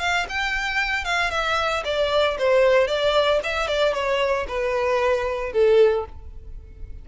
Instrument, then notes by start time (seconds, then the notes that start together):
violin
0.00 F5
0.29 G5
1.05 F5
1.31 E5
1.85 D5
2.39 C5
2.88 D5
3.44 E5
3.67 D5
3.94 C#5
4.48 B4
5.53 A4